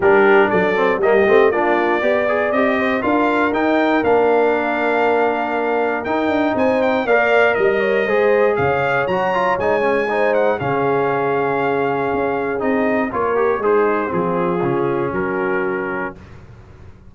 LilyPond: <<
  \new Staff \with { instrumentName = "trumpet" } { \time 4/4 \tempo 4 = 119 ais'4 d''4 dis''4 d''4~ | d''4 dis''4 f''4 g''4 | f''1 | g''4 gis''8 g''8 f''4 dis''4~ |
dis''4 f''4 ais''4 gis''4~ | gis''8 fis''8 f''2.~ | f''4 dis''4 cis''4 c''4 | gis'2 ais'2 | }
  \new Staff \with { instrumentName = "horn" } { \time 4/4 g'4 a'4 g'4 f'4 | d''4. c''8 ais'2~ | ais'1~ | ais'4 c''4 d''4 dis''8 cis''8 |
c''4 cis''2. | c''4 gis'2.~ | gis'2 ais'4 dis'4 | f'2 fis'2 | }
  \new Staff \with { instrumentName = "trombone" } { \time 4/4 d'4. c'8 ais8 c'8 d'4 | g'8 gis'8 g'4 f'4 dis'4 | d'1 | dis'2 ais'2 |
gis'2 fis'8 f'8 dis'8 cis'8 | dis'4 cis'2.~ | cis'4 dis'4 f'8 g'8 gis'4 | c'4 cis'2. | }
  \new Staff \with { instrumentName = "tuba" } { \time 4/4 g4 fis4 g8 a8 ais4 | b4 c'4 d'4 dis'4 | ais1 | dis'8 d'8 c'4 ais4 g4 |
gis4 cis4 fis4 gis4~ | gis4 cis2. | cis'4 c'4 ais4 gis4 | f4 cis4 fis2 | }
>>